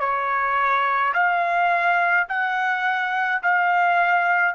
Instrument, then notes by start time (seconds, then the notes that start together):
trumpet
0.00 C#5
1.14 F5
2.28 F#5
3.42 F5